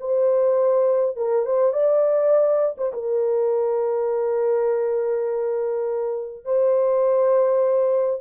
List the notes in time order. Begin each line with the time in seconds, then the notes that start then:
0.00 C5
1.16 A#4
1.45 C5
1.73 D5
2.77 C5
2.93 A#4
6.44 C5